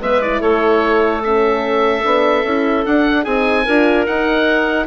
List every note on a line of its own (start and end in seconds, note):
0.00 0.41 G#3
0.00 0.21 B3
0.00 0.40 B4
0.00 0.22 E5
0.21 1.23 E4
0.21 0.41 D5
0.40 2.03 A3
0.40 3.22 A4
0.40 1.22 C#5
1.23 2.03 C#4
1.23 2.85 E5
2.03 2.43 B3
2.03 2.44 D4
2.43 2.84 C#4
2.43 2.84 E4
2.85 3.25 D4
2.85 3.26 D4
2.85 3.24 F#5
3.22 3.66 C4
3.22 3.66 D#4
3.22 3.63 G#4
3.22 4.05 G#5
3.64 4.07 D4
3.64 4.08 F4
3.64 4.86 A#4
4.06 4.86 D#4
4.06 4.86 F#5